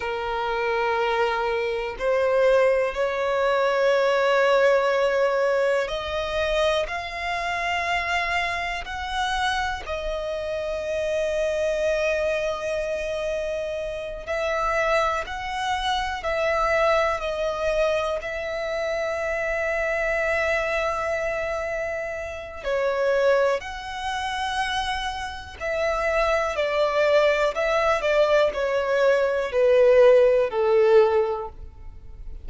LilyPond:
\new Staff \with { instrumentName = "violin" } { \time 4/4 \tempo 4 = 61 ais'2 c''4 cis''4~ | cis''2 dis''4 f''4~ | f''4 fis''4 dis''2~ | dis''2~ dis''8 e''4 fis''8~ |
fis''8 e''4 dis''4 e''4.~ | e''2. cis''4 | fis''2 e''4 d''4 | e''8 d''8 cis''4 b'4 a'4 | }